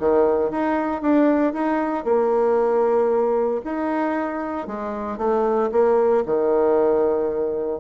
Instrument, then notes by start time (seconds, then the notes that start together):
bassoon
0.00 D#3
0.51 D#4
1.02 D4
1.54 D#4
2.05 A#3
3.65 D#4
4.68 G#3
5.18 A3
5.72 A#3
6.26 D#3